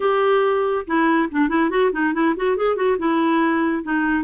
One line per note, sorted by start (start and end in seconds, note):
0.00 0.85 G4
0.86 1.29 E4
1.31 1.49 D4
1.49 1.70 E4
1.70 1.91 F#4
1.92 2.13 D#4
2.13 2.34 E4
2.36 2.56 F#4
2.56 2.75 G#4
2.75 2.97 F#4
2.98 3.83 E4
3.83 4.24 D#4